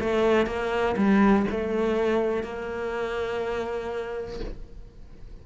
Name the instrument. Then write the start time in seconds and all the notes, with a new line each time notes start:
cello
0.00 A3
0.46 A#3
0.97 G3
1.51 A3
2.43 A#3